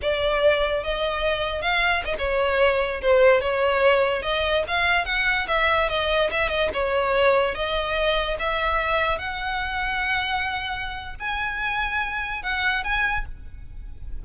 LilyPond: \new Staff \with { instrumentName = "violin" } { \time 4/4 \tempo 4 = 145 d''2 dis''2 | f''4 dis''16 cis''2 c''8.~ | c''16 cis''2 dis''4 f''8.~ | f''16 fis''4 e''4 dis''4 e''8 dis''16~ |
dis''16 cis''2 dis''4.~ dis''16~ | dis''16 e''2 fis''4.~ fis''16~ | fis''2. gis''4~ | gis''2 fis''4 gis''4 | }